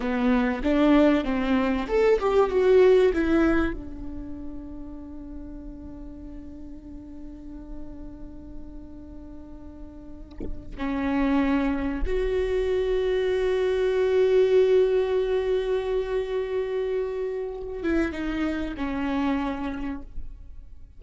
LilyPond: \new Staff \with { instrumentName = "viola" } { \time 4/4 \tempo 4 = 96 b4 d'4 c'4 a'8 g'8 | fis'4 e'4 d'2~ | d'1~ | d'1~ |
d'4~ d'16 cis'2 fis'8.~ | fis'1~ | fis'1~ | fis'8 e'8 dis'4 cis'2 | }